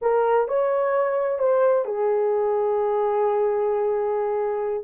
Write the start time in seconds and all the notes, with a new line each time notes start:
0.01 A#4
0.48 C#5
1.38 C5
1.85 G#4